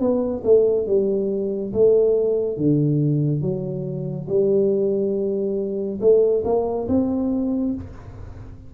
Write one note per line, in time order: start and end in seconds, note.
0.00 0.43 B3
0.44 0.87 A3
0.87 1.73 G3
1.73 2.58 A3
2.58 3.42 D3
3.42 4.28 F#3
4.29 6.00 G3
6.01 6.44 A3
6.45 6.88 A#3
6.89 7.75 C4